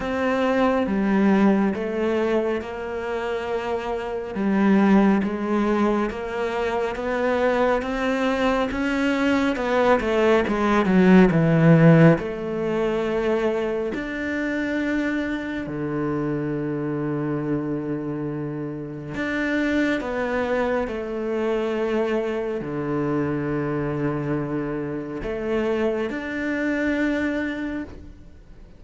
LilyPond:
\new Staff \with { instrumentName = "cello" } { \time 4/4 \tempo 4 = 69 c'4 g4 a4 ais4~ | ais4 g4 gis4 ais4 | b4 c'4 cis'4 b8 a8 | gis8 fis8 e4 a2 |
d'2 d2~ | d2 d'4 b4 | a2 d2~ | d4 a4 d'2 | }